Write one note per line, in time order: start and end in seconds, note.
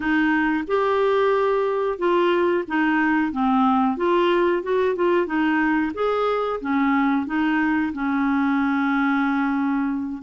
0.00 0.64 D#4
0.67 1.98 G4
1.98 2.64 F4
2.67 3.32 D#4
3.32 3.96 C4
3.96 4.62 F4
4.62 4.95 F#4
4.95 5.26 F4
5.26 5.92 D#4
5.94 6.60 G#4
6.60 7.26 C#4
7.26 7.92 D#4
7.93 10.22 C#4